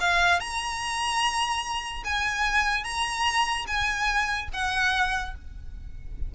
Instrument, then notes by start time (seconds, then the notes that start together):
violin
0.00 F5
0.40 A#5
2.04 G#5
2.84 A#5
3.67 G#5
4.53 F#5